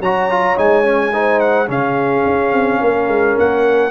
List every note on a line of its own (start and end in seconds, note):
0.00 0.56 F#3
0.00 0.30 F#4
0.00 1.12 C#5
0.00 0.58 A#5
0.30 0.57 F4
0.57 1.69 G#3
0.57 0.84 D#4
0.57 1.40 G#5
0.84 1.12 C#4
1.13 1.67 D#4
1.13 1.69 C5
1.40 1.68 F#5
1.67 2.25 C#3
1.67 3.91 C#4
1.67 2.81 G#4
1.67 3.39 F5
2.25 2.52 C#4
2.52 2.80 C4
2.81 3.08 A#3
2.81 3.91 A#4
3.08 3.36 G#3
3.38 3.91 A#3
3.38 3.91 F#5